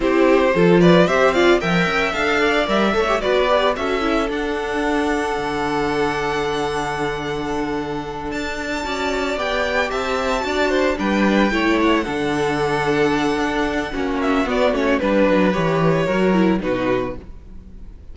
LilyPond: <<
  \new Staff \with { instrumentName = "violin" } { \time 4/4 \tempo 4 = 112 c''4. d''8 e''8 f''8 g''4 | f''4 e''4 d''4 e''4 | fis''1~ | fis''2.~ fis''8 a''8~ |
a''4. g''4 a''4.~ | a''8 g''4. fis''2~ | fis''2~ fis''8 e''8 d''8 cis''8 | b'4 cis''2 b'4 | }
  \new Staff \with { instrumentName = "violin" } { \time 4/4 g'4 a'8 b'8 c''8 d''8 e''4~ | e''8 d''4 cis''8 b'4 a'4~ | a'1~ | a'1~ |
a'8 d''2 e''4 d''8 | c''8 b'4 cis''4 a'4.~ | a'2 fis'2 | b'2 ais'4 fis'4 | }
  \new Staff \with { instrumentName = "viola" } { \time 4/4 e'4 f'4 g'8 f'8 ais'4 | a'4 ais'8 a'16 g'16 fis'8 g'8 fis'8 e'8 | d'1~ | d'1~ |
d'8 fis'4 g'2 fis'8~ | fis'8 d'4 e'4 d'4.~ | d'2 cis'4 b8 cis'8 | d'4 g'4 fis'8 e'8 dis'4 | }
  \new Staff \with { instrumentName = "cello" } { \time 4/4 c'4 f4 c'4 f8 cis'8 | d'4 g8 a8 b4 cis'4 | d'2 d2~ | d2.~ d8 d'8~ |
d'8 cis'4 b4 c'4 d'8~ | d'8 g4 a4 d4.~ | d4 d'4 ais4 b8 a8 | g8 fis8 e4 fis4 b,4 | }
>>